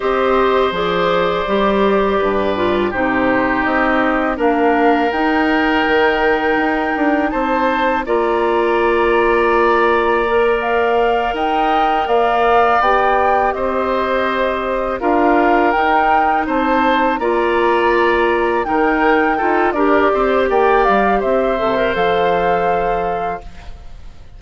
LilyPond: <<
  \new Staff \with { instrumentName = "flute" } { \time 4/4 \tempo 4 = 82 dis''4 d''2. | c''4 dis''4 f''4 g''4~ | g''2 a''4 ais''4~ | ais''2~ ais''8 f''4 g''8~ |
g''8 f''4 g''4 dis''4.~ | dis''8 f''4 g''4 a''4 ais''8~ | ais''4. g''4. d''4 | g''8 f''8 e''4 f''2 | }
  \new Staff \with { instrumentName = "oboe" } { \time 4/4 c''2. b'4 | g'2 ais'2~ | ais'2 c''4 d''4~ | d''2.~ d''8 dis''8~ |
dis''8 d''2 c''4.~ | c''8 ais'2 c''4 d''8~ | d''4. ais'4 a'8 ais'8 c''8 | d''4 c''2. | }
  \new Staff \with { instrumentName = "clarinet" } { \time 4/4 g'4 gis'4 g'4. f'8 | dis'2 d'4 dis'4~ | dis'2. f'4~ | f'2 ais'2~ |
ais'4. g'2~ g'8~ | g'8 f'4 dis'2 f'8~ | f'4. dis'4 f'8 g'4~ | g'4. a'16 ais'16 a'2 | }
  \new Staff \with { instrumentName = "bassoon" } { \time 4/4 c'4 f4 g4 g,4 | c4 c'4 ais4 dis'4 | dis4 dis'8 d'8 c'4 ais4~ | ais2.~ ais8 dis'8~ |
dis'8 ais4 b4 c'4.~ | c'8 d'4 dis'4 c'4 ais8~ | ais4. dis4 dis'8 d'8 c'8 | ais8 g8 c'8 c8 f2 | }
>>